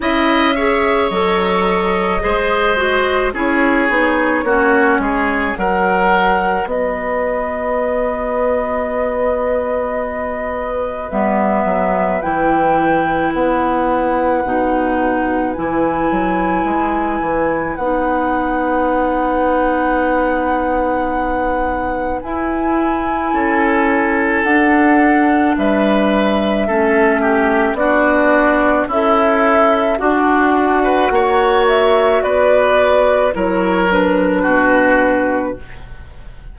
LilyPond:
<<
  \new Staff \with { instrumentName = "flute" } { \time 4/4 \tempo 4 = 54 e''4 dis''2 cis''4~ | cis''4 fis''4 dis''2~ | dis''2 e''4 g''4 | fis''2 gis''2 |
fis''1 | gis''2 fis''4 e''4~ | e''4 d''4 e''4 fis''4~ | fis''8 e''8 d''4 cis''8 b'4. | }
  \new Staff \with { instrumentName = "oboe" } { \time 4/4 dis''8 cis''4. c''4 gis'4 | fis'8 gis'8 ais'4 b'2~ | b'1~ | b'1~ |
b'1~ | b'4 a'2 b'4 | a'8 g'8 fis'4 e'4 d'8. b'16 | cis''4 b'4 ais'4 fis'4 | }
  \new Staff \with { instrumentName = "clarinet" } { \time 4/4 e'8 gis'8 a'4 gis'8 fis'8 e'8 dis'8 | cis'4 fis'2.~ | fis'2 b4 e'4~ | e'4 dis'4 e'2 |
dis'1 | e'2 d'2 | cis'4 d'4 a'4 fis'4~ | fis'2 e'8 d'4. | }
  \new Staff \with { instrumentName = "bassoon" } { \time 4/4 cis'4 fis4 gis4 cis'8 b8 | ais8 gis8 fis4 b2~ | b2 g8 fis8 e4 | b4 b,4 e8 fis8 gis8 e8 |
b1 | e'4 cis'4 d'4 g4 | a4 b4 cis'4 d'4 | ais4 b4 fis4 b,4 | }
>>